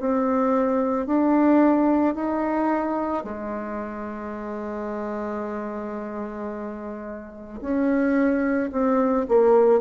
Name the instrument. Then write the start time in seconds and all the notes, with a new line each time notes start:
bassoon
0.00 C4
1.06 D4
2.15 D#4
3.24 G#3
7.61 C#4
8.72 C4
9.28 A#3